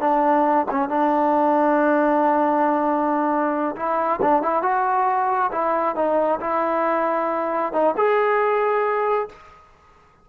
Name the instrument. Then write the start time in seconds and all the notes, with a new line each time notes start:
trombone
0.00 D4
0.71 C#4
0.89 D4
3.76 E4
4.22 D4
4.43 E4
4.62 F#4
5.52 E4
5.95 D#4
6.40 E4
7.73 D#4
7.97 G#4